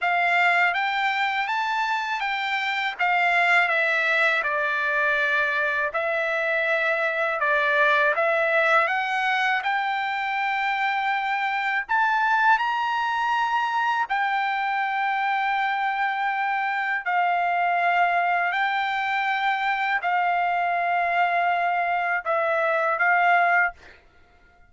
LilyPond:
\new Staff \with { instrumentName = "trumpet" } { \time 4/4 \tempo 4 = 81 f''4 g''4 a''4 g''4 | f''4 e''4 d''2 | e''2 d''4 e''4 | fis''4 g''2. |
a''4 ais''2 g''4~ | g''2. f''4~ | f''4 g''2 f''4~ | f''2 e''4 f''4 | }